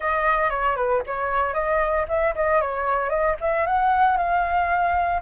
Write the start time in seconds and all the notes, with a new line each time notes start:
0.00 D#5
0.50 C#5
0.76 B4
1.06 C#5
1.53 D#5
2.08 E5
2.35 D#5
2.61 C#5
3.09 D#5
3.40 E5
3.66 F#5
4.17 F5